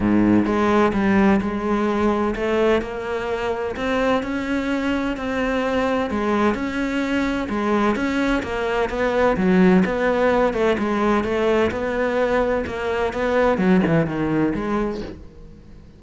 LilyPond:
\new Staff \with { instrumentName = "cello" } { \time 4/4 \tempo 4 = 128 gis,4 gis4 g4 gis4~ | gis4 a4 ais2 | c'4 cis'2 c'4~ | c'4 gis4 cis'2 |
gis4 cis'4 ais4 b4 | fis4 b4. a8 gis4 | a4 b2 ais4 | b4 fis8 e8 dis4 gis4 | }